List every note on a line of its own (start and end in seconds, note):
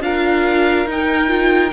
0.00 0.86 D4
0.00 0.87 F4
0.00 1.73 A#4
0.00 0.88 F5
0.86 1.71 D#4
0.86 1.28 D#4
0.86 1.73 G5
1.28 1.71 F4